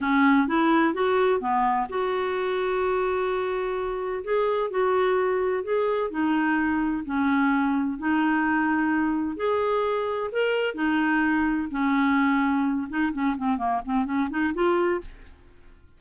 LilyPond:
\new Staff \with { instrumentName = "clarinet" } { \time 4/4 \tempo 4 = 128 cis'4 e'4 fis'4 b4 | fis'1~ | fis'4 gis'4 fis'2 | gis'4 dis'2 cis'4~ |
cis'4 dis'2. | gis'2 ais'4 dis'4~ | dis'4 cis'2~ cis'8 dis'8 | cis'8 c'8 ais8 c'8 cis'8 dis'8 f'4 | }